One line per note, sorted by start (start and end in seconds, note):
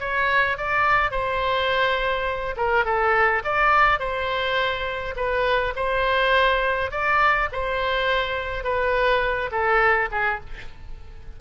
0.00 0.58 C#5
0.58 1.11 D5
1.11 2.56 C5
2.57 2.85 A#4
2.85 3.43 A4
3.45 4.00 D5
4.00 5.15 C5
5.16 5.74 B4
5.76 6.92 C5
6.92 7.49 D5
7.53 8.64 C5
8.64 9.51 B4
9.52 10.10 A4
10.12 10.41 G#4